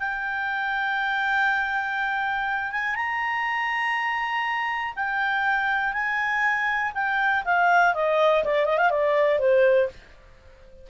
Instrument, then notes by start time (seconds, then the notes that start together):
clarinet
0.00 G5
2.72 G#5
2.96 A#5
4.96 G5
5.93 G#5
6.95 G5
7.45 F5
7.95 D#5
8.45 D5
8.66 D#5
8.78 F5
8.91 D5
9.40 C5